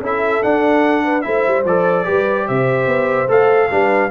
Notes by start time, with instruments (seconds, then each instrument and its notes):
0.00 tuba C#4, trombone E4, horn A4, trumpet E5
0.43 trombone D4, tuba D4, trumpet F#5
1.04 horn B4
1.21 tuba A3, trombone E4, horn C5, trumpet E5
1.47 tuba G3
1.64 tuba F3, trombone A4, trumpet D5
2.04 tuba G3, trombone G4, horn B4
2.48 tuba C3, horn C5, trumpet E5
2.86 tuba B3
3.28 tuba A3, trombone A4, trumpet F5
3.70 tuba G3, trombone D4, horn B4